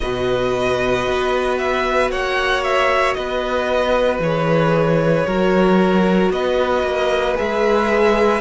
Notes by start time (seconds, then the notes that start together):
0.00 B2 F#4 B4 D#5
1.06 B3
1.58 E5
2.11 A#3 C#5 F#5
2.63 E5
3.13 B3 B4 D#5
4.19 E3 G#4 C#5
5.27 F#3 F#4 A#4
6.30 B3 B4 D#5
6.82 A#3
7.36 G#3 G#4 E5